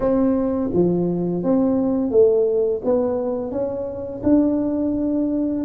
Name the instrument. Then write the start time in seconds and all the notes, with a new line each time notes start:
tuba
0.00 C4
0.73 F3
1.43 C4
2.10 A3
2.84 B3
3.51 C#4
4.23 D4